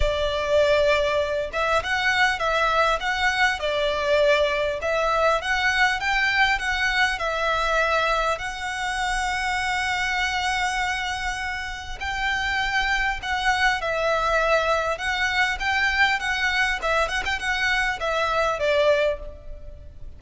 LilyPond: \new Staff \with { instrumentName = "violin" } { \time 4/4 \tempo 4 = 100 d''2~ d''8 e''8 fis''4 | e''4 fis''4 d''2 | e''4 fis''4 g''4 fis''4 | e''2 fis''2~ |
fis''1 | g''2 fis''4 e''4~ | e''4 fis''4 g''4 fis''4 | e''8 fis''16 g''16 fis''4 e''4 d''4 | }